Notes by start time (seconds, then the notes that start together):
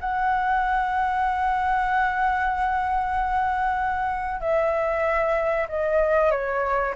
0.00 F#5
4.40 E5
5.68 D#5
6.31 C#5